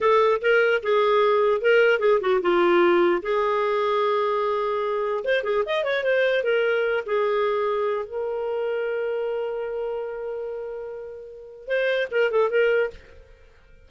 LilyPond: \new Staff \with { instrumentName = "clarinet" } { \time 4/4 \tempo 4 = 149 a'4 ais'4 gis'2 | ais'4 gis'8 fis'8 f'2 | gis'1~ | gis'4 c''8 gis'8 dis''8 cis''8 c''4 |
ais'4. gis'2~ gis'8 | ais'1~ | ais'1~ | ais'4 c''4 ais'8 a'8 ais'4 | }